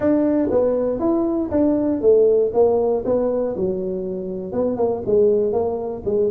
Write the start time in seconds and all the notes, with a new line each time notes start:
0.00 D4
0.50 B3
0.99 E4
1.50 D4
2.01 A3
2.53 A#3
3.05 B3
3.56 F#3
4.52 B3
4.76 A#3
5.06 G#3
5.52 A#3
6.05 G#3